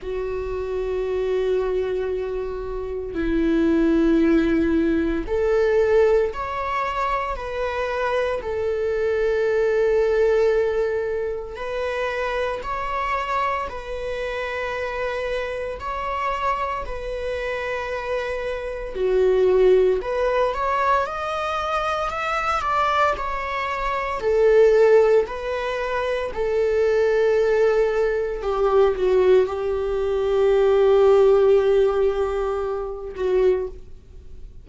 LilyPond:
\new Staff \with { instrumentName = "viola" } { \time 4/4 \tempo 4 = 57 fis'2. e'4~ | e'4 a'4 cis''4 b'4 | a'2. b'4 | cis''4 b'2 cis''4 |
b'2 fis'4 b'8 cis''8 | dis''4 e''8 d''8 cis''4 a'4 | b'4 a'2 g'8 fis'8 | g'2.~ g'8 fis'8 | }